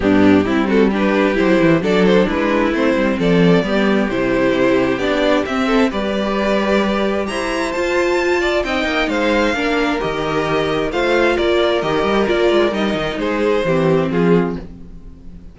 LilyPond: <<
  \new Staff \with { instrumentName = "violin" } { \time 4/4 \tempo 4 = 132 g'4. a'8 b'4 c''4 | d''8 c''8 b'4 c''4 d''4~ | d''4 c''2 d''4 | e''4 d''2. |
ais''4 a''2 g''4 | f''2 dis''2 | f''4 d''4 dis''4 d''4 | dis''4 c''2 gis'4 | }
  \new Staff \with { instrumentName = "violin" } { \time 4/4 d'4 e'8 fis'8 g'2 | a'4 e'2 a'4 | g'1~ | g'8 a'8 b'2. |
c''2~ c''8 d''8 dis''4 | c''4 ais'2. | c''4 ais'2.~ | ais'4 gis'4 g'4 f'4 | }
  \new Staff \with { instrumentName = "viola" } { \time 4/4 b4 c'4 d'4 e'4 | d'2 c'2 | b4 e'2 d'4 | c'4 g'2.~ |
g'4 f'2 dis'4~ | dis'4 d'4 g'2 | f'2 g'4 f'4 | dis'2 c'2 | }
  \new Staff \with { instrumentName = "cello" } { \time 4/4 g,4 g2 fis8 e8 | fis4 gis4 a8 g8 f4 | g4 c2 b4 | c'4 g2. |
e'4 f'2 c'8 ais8 | gis4 ais4 dis2 | a4 ais4 dis8 g8 ais8 gis8 | g8 dis8 gis4 e4 f4 | }
>>